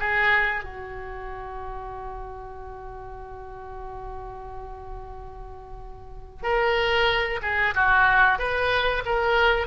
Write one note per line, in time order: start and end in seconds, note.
0.00 0.64 G#4
0.64 6.43 F#4
6.43 7.40 A#4
7.42 7.74 G#4
7.75 8.39 F#4
8.39 9.03 B4
9.06 9.67 A#4